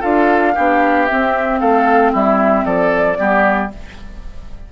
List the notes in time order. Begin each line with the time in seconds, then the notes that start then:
0.00 D4 F4 A4 F5
0.55 B3 D4 G4
1.06 C4 E5
1.60 A3 A4 F5
2.12 G3 E4 E5
2.65 F3 A4 D5
3.17 G3 B3 G4